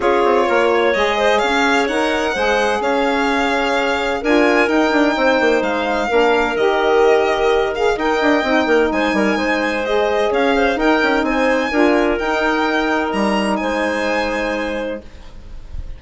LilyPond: <<
  \new Staff \with { instrumentName = "violin" } { \time 4/4 \tempo 4 = 128 cis''2 dis''4 f''4 | fis''2 f''2~ | f''4 gis''4 g''2 | f''2 dis''2~ |
dis''8 f''8 g''2 gis''4~ | gis''4 dis''4 f''4 g''4 | gis''2 g''2 | ais''4 gis''2. | }
  \new Staff \with { instrumentName = "clarinet" } { \time 4/4 gis'4 ais'8 cis''4 c''8 cis''4~ | cis''4 c''4 cis''2~ | cis''4 ais'2 c''4~ | c''4 ais'2.~ |
ais'4 dis''4. ais'8 c''8 ais'8 | c''2 cis''8 c''8 ais'4 | c''4 ais'2.~ | ais'4 c''2. | }
  \new Staff \with { instrumentName = "saxophone" } { \time 4/4 f'2 gis'2 | ais'4 gis'2.~ | gis'4 f'4 dis'2~ | dis'4 d'4 g'2~ |
g'8 gis'8 ais'4 dis'2~ | dis'4 gis'2 dis'4~ | dis'4 f'4 dis'2~ | dis'1 | }
  \new Staff \with { instrumentName = "bassoon" } { \time 4/4 cis'8 c'8 ais4 gis4 cis'4 | dis'4 gis4 cis'2~ | cis'4 d'4 dis'8 d'8 c'8 ais8 | gis4 ais4 dis2~ |
dis4 dis'8 d'8 c'8 ais8 gis8 g8 | gis2 cis'4 dis'8 cis'8 | c'4 d'4 dis'2 | g4 gis2. | }
>>